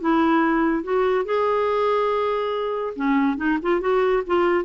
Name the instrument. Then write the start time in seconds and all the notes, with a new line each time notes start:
clarinet
0.00 E4
0.83 F#4
1.25 G#4
2.96 C#4
3.37 D#4
3.62 F4
3.80 F#4
4.26 F4